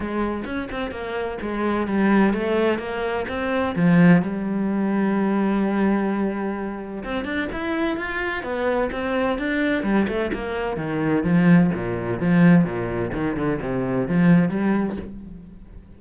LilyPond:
\new Staff \with { instrumentName = "cello" } { \time 4/4 \tempo 4 = 128 gis4 cis'8 c'8 ais4 gis4 | g4 a4 ais4 c'4 | f4 g2.~ | g2. c'8 d'8 |
e'4 f'4 b4 c'4 | d'4 g8 a8 ais4 dis4 | f4 ais,4 f4 ais,4 | dis8 d8 c4 f4 g4 | }